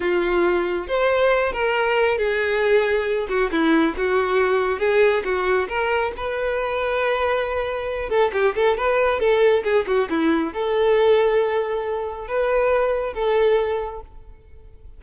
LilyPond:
\new Staff \with { instrumentName = "violin" } { \time 4/4 \tempo 4 = 137 f'2 c''4. ais'8~ | ais'4 gis'2~ gis'8 fis'8 | e'4 fis'2 gis'4 | fis'4 ais'4 b'2~ |
b'2~ b'8 a'8 g'8 a'8 | b'4 a'4 gis'8 fis'8 e'4 | a'1 | b'2 a'2 | }